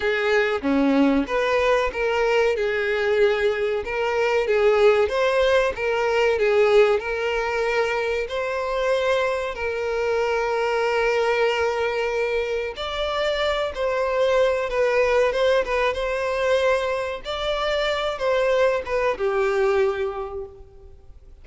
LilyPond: \new Staff \with { instrumentName = "violin" } { \time 4/4 \tempo 4 = 94 gis'4 cis'4 b'4 ais'4 | gis'2 ais'4 gis'4 | c''4 ais'4 gis'4 ais'4~ | ais'4 c''2 ais'4~ |
ais'1 | d''4. c''4. b'4 | c''8 b'8 c''2 d''4~ | d''8 c''4 b'8 g'2 | }